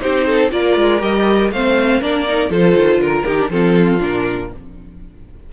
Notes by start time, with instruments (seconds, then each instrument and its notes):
0.00 cello C4, viola D#4, violin G4 C5
0.27 violin A4
0.52 cello A#3, viola F4, violin A#4 D5
0.77 cello G#3
1.00 cello G3, viola G4, violin D#5
1.52 cello A3, viola C4, violin C5 F5
2.01 cello A#3, viola D4, violin A#4 D5
2.28 viola D#4
2.50 cello F3, viola F4, violin A4 C5
2.76 cello D#3
2.99 cello D3, violin A#4
3.26 cello D#3, viola D#4, violin G4
3.39 viola D4
3.50 cello F3, viola C4, violin F4 A4
3.99 cello A#2, viola D4, violin A#4